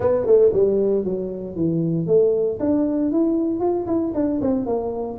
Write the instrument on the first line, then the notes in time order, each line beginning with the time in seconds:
tuba
0.00 B3
0.25 A3
0.52 G3
1.04 F#3
1.55 E3
2.07 A3
2.59 D4
3.11 E4
3.59 F4
3.87 E4
4.14 D4
4.41 C4
4.66 A#3